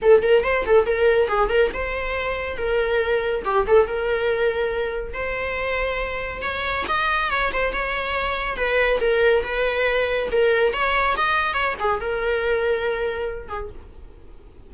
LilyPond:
\new Staff \with { instrumentName = "viola" } { \time 4/4 \tempo 4 = 140 a'8 ais'8 c''8 a'8 ais'4 gis'8 ais'8 | c''2 ais'2 | g'8 a'8 ais'2. | c''2. cis''4 |
dis''4 cis''8 c''8 cis''2 | b'4 ais'4 b'2 | ais'4 cis''4 dis''4 cis''8 gis'8 | ais'2.~ ais'8 gis'8 | }